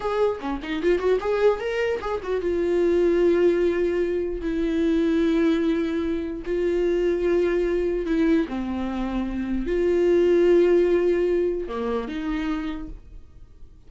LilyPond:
\new Staff \with { instrumentName = "viola" } { \time 4/4 \tempo 4 = 149 gis'4 cis'8 dis'8 f'8 fis'8 gis'4 | ais'4 gis'8 fis'8 f'2~ | f'2. e'4~ | e'1 |
f'1 | e'4 c'2. | f'1~ | f'4 ais4 dis'2 | }